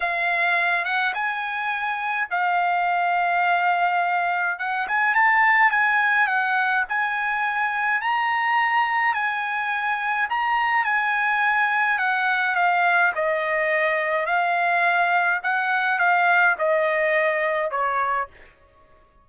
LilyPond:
\new Staff \with { instrumentName = "trumpet" } { \time 4/4 \tempo 4 = 105 f''4. fis''8 gis''2 | f''1 | fis''8 gis''8 a''4 gis''4 fis''4 | gis''2 ais''2 |
gis''2 ais''4 gis''4~ | gis''4 fis''4 f''4 dis''4~ | dis''4 f''2 fis''4 | f''4 dis''2 cis''4 | }